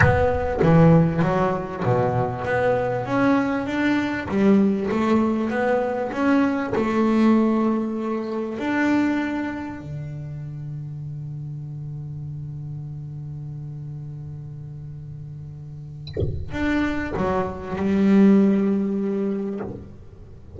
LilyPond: \new Staff \with { instrumentName = "double bass" } { \time 4/4 \tempo 4 = 98 b4 e4 fis4 b,4 | b4 cis'4 d'4 g4 | a4 b4 cis'4 a4~ | a2 d'2 |
d1~ | d1~ | d2. d'4 | fis4 g2. | }